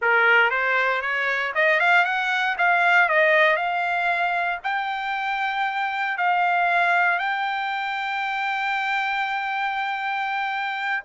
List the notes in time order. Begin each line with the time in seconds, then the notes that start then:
0.01 A#4
0.50 C5
1.01 C#5
1.54 D#5
1.79 F5
2.04 F#5
2.58 F5
3.08 D#5
3.56 F5
4.63 G5
6.17 F5
7.18 G5